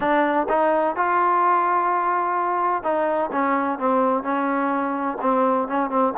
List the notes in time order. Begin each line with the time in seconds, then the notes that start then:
0.00 D4
0.48 D#4
0.96 F4
2.83 D#4
3.32 C#4
3.79 C4
4.23 C#4
5.21 C4
5.68 C#4
5.90 C4